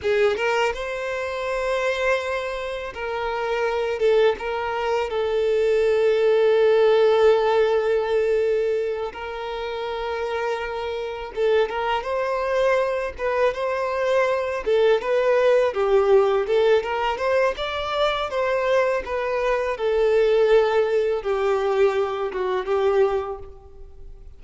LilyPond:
\new Staff \with { instrumentName = "violin" } { \time 4/4 \tempo 4 = 82 gis'8 ais'8 c''2. | ais'4. a'8 ais'4 a'4~ | a'1~ | a'8 ais'2. a'8 |
ais'8 c''4. b'8 c''4. | a'8 b'4 g'4 a'8 ais'8 c''8 | d''4 c''4 b'4 a'4~ | a'4 g'4. fis'8 g'4 | }